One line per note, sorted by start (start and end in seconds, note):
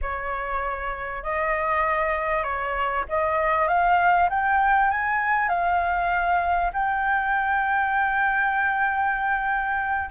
0.01 1.23 C#5
1.23 2.43 D#5
2.43 3.04 C#5
3.08 3.68 D#5
3.68 4.29 F5
4.29 4.90 G5
4.90 5.49 G#5
5.49 6.71 F5
6.73 10.10 G5